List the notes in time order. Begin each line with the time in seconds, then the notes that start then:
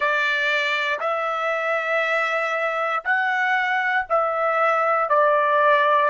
0.00 D5
1.00 E5
3.04 F#5
4.09 E5
5.08 D5